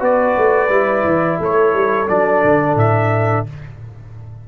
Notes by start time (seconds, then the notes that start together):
0.00 B3 F#4 B4 D5
0.37 A3
0.70 G3 E4
1.05 E3
1.40 A3 A4 C#5
1.74 G3
2.09 F#3 D4 D5
2.45 D3
2.76 A2 E5